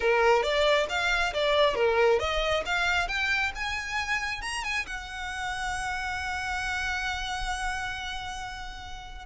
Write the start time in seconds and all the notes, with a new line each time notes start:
0.00 A#4
0.42 D5
0.89 F5
1.33 D5
1.75 A#4
2.19 D#5
2.65 F5
3.08 G5
3.55 G#5
4.41 A#5
4.63 G#5
4.86 F#5